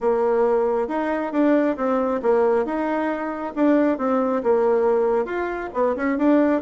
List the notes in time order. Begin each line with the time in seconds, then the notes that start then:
0.01 A#3
0.88 D#4
1.32 D4
1.76 C4
2.22 A#3
2.65 D#4
3.55 D4
3.98 C4
4.43 A#3
5.25 F4
5.73 B3
5.96 C#4
6.17 D4